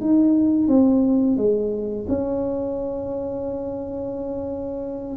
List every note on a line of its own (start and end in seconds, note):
0.00 0.67 D#4
0.67 1.36 C4
1.36 2.05 G#3
2.08 5.16 C#4